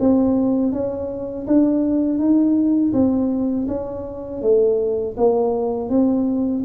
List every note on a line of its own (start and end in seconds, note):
0.00 0.72 C4
0.72 1.46 C#4
1.47 2.19 D4
2.19 2.93 D#4
2.93 3.67 C4
3.68 4.42 C#4
4.42 5.16 A3
5.17 5.90 A#3
5.90 6.64 C4